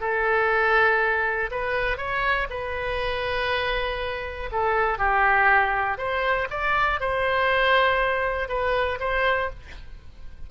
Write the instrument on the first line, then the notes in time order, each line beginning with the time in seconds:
oboe
0.00 A4
1.51 B4
1.97 C#5
2.50 B4
4.51 A4
4.98 G4
5.97 C5
6.50 D5
7.00 C5
8.48 B4
9.00 C5